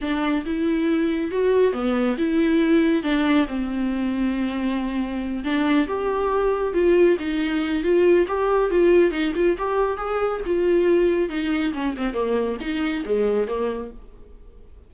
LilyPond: \new Staff \with { instrumentName = "viola" } { \time 4/4 \tempo 4 = 138 d'4 e'2 fis'4 | b4 e'2 d'4 | c'1~ | c'8 d'4 g'2 f'8~ |
f'8 dis'4. f'4 g'4 | f'4 dis'8 f'8 g'4 gis'4 | f'2 dis'4 cis'8 c'8 | ais4 dis'4 gis4 ais4 | }